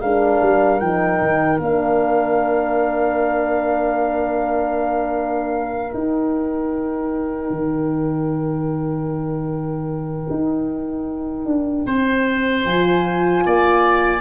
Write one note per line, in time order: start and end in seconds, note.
0.00 0.41 G#3
0.00 0.82 D4
0.00 11.84 A#4
0.00 0.80 F5
0.42 0.81 G3
0.80 1.20 F3
0.80 1.61 D#4
0.80 1.59 G5
1.22 1.59 D#3
1.59 5.93 A#3
1.59 5.94 D4
1.59 5.93 F5
5.93 12.65 D#4
5.93 7.50 D#4
5.93 12.64 G5
7.50 10.27 D#3
10.30 11.46 D#4
11.46 11.85 D4
11.86 12.65 C4
11.86 13.44 C5
12.65 13.44 F3
12.65 14.21 F4
12.65 14.21 G#5
13.46 14.21 A#3
13.46 14.21 D5